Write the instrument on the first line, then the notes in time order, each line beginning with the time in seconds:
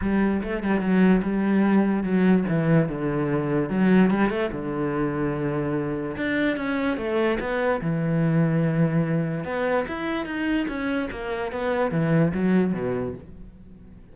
cello
0.01 G3
0.42 A3
0.63 G3
0.80 F#3
1.22 G3
2.03 F#3
2.48 E3
2.89 D3
3.69 F#3
4.10 G3
4.29 A3
4.51 D3
6.16 D4
6.57 C#4
6.97 A3
7.40 B3
7.81 E3
9.44 B3
9.87 E4
10.25 D#4
10.68 C#4
11.11 A#3
11.52 B3
11.91 E3
12.34 F#3
12.73 B2